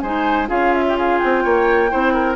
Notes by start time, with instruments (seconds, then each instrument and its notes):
0.00 bassoon G#3, clarinet D#4, oboe C5, flute G#5
0.47 bassoon C#4, clarinet F4, oboe G#4, flute F5
0.73 flute E5
0.89 oboe G4
0.97 oboe G#4, flute F5
1.19 bassoon C4, flute G5
1.44 bassoon A#3, oboe C#5
1.90 bassoon C4, clarinet E4, oboe C5
2.13 oboe A#4